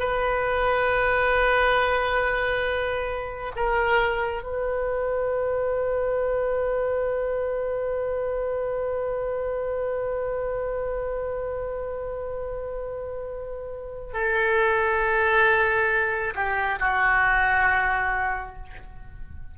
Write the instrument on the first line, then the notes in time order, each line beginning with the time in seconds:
oboe
0.00 B4
3.56 A#4
4.44 B4
14.14 A4
16.36 G4
16.80 F#4